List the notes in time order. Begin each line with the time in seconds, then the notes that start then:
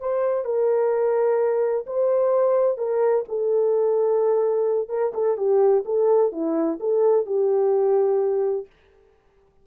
0.00 C5
0.45 A#4
1.86 C5
2.77 A#4
3.28 A4
4.89 A#4
5.14 A4
5.37 G4
5.85 A4
6.32 E4
6.80 A4
7.25 G4